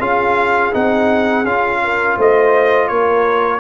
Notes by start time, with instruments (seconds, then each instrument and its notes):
0.00 tuba C#4, trombone F4, horn G#4, trumpet F5
0.73 tuba C4, trombone D#4, trumpet F#5
1.45 tuba C#4, trombone F4, trumpet F5
1.84 horn A#4
2.17 tuba A3, horn C5, trumpet D#5
2.88 tuba A#3, horn A#4, trumpet C#5